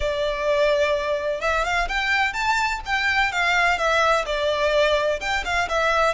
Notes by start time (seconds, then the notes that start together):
0.00 D5
1.40 E5
1.64 F5
1.88 G5
2.33 A5
2.85 G5
3.32 F5
3.78 E5
4.25 D5
5.20 G5
5.45 F5
5.68 E5